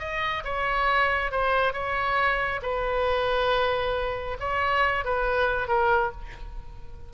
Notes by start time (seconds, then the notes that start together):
0.00 D#5
0.45 C#5
1.32 C5
1.73 C#5
2.63 B4
4.40 C#5
5.05 B4
5.68 A#4